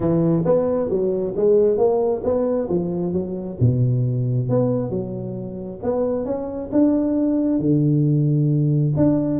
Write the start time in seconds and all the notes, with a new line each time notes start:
0.00 E3
0.45 B3
0.89 F#3
1.36 G#3
1.77 A#3
2.23 B3
2.68 F3
3.13 F#3
3.60 B2
4.49 B3
4.89 F#3
5.82 B3
6.25 C#4
6.72 D4
7.59 D3
8.96 D4